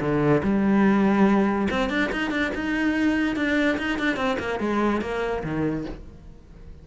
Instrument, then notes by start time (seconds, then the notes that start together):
cello
0.00 D3
0.43 G3
1.70 C4
1.89 D4
2.12 D#4
2.30 D4
2.55 D#4
3.36 D4
3.78 D#4
3.99 D4
4.16 C4
4.39 A#3
4.59 G#3
5.01 A#3
5.43 D#3